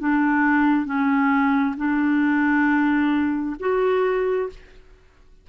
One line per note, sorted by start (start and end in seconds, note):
0.00 0.86 D4
0.86 1.75 C#4
1.77 3.57 D4
3.60 4.49 F#4